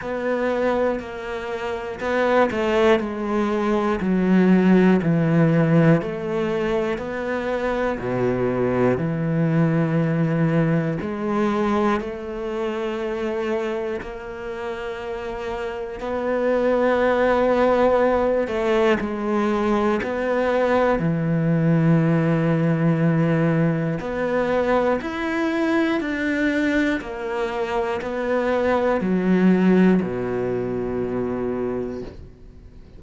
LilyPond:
\new Staff \with { instrumentName = "cello" } { \time 4/4 \tempo 4 = 60 b4 ais4 b8 a8 gis4 | fis4 e4 a4 b4 | b,4 e2 gis4 | a2 ais2 |
b2~ b8 a8 gis4 | b4 e2. | b4 e'4 d'4 ais4 | b4 fis4 b,2 | }